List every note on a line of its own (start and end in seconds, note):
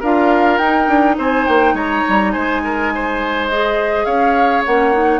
0.00 0.59 D4
0.00 0.61 F4
0.00 1.15 A#4
0.00 0.58 F5
0.58 0.87 D#4
0.58 1.15 G5
0.64 3.52 D#4
0.88 1.17 D4
1.18 1.47 C4
1.18 1.75 C5
1.18 1.46 G#5
1.46 1.74 A#3
1.46 1.75 G5
1.74 2.02 G#3
1.74 2.32 C#5
1.74 2.32 A#5
2.09 2.35 G3
2.32 4.06 G#3
2.32 2.61 C5
2.32 3.47 G#5
2.64 2.93 A#4
2.95 4.05 C5
3.49 4.67 G#4
3.49 4.05 D#5
4.05 4.63 C#4
4.05 5.20 C#5
4.05 4.63 F5
4.66 5.20 A#3
4.66 4.93 C#4
4.66 5.20 F#5
4.93 5.20 D#4